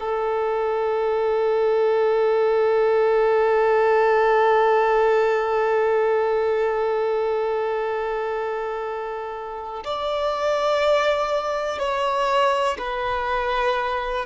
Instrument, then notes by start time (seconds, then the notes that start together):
violin
0.00 A4
9.84 D5
11.79 C#5
12.78 B4